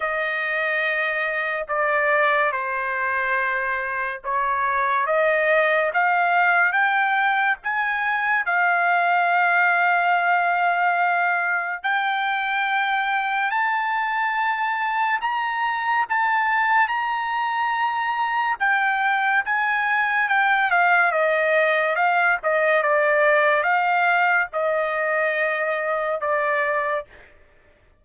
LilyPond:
\new Staff \with { instrumentName = "trumpet" } { \time 4/4 \tempo 4 = 71 dis''2 d''4 c''4~ | c''4 cis''4 dis''4 f''4 | g''4 gis''4 f''2~ | f''2 g''2 |
a''2 ais''4 a''4 | ais''2 g''4 gis''4 | g''8 f''8 dis''4 f''8 dis''8 d''4 | f''4 dis''2 d''4 | }